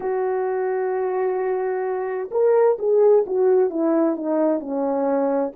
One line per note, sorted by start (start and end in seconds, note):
0.00 2.29 F#4
2.31 2.77 A#4
2.78 3.24 G#4
3.26 3.69 F#4
3.69 4.15 E4
4.16 4.59 D#4
4.59 5.52 C#4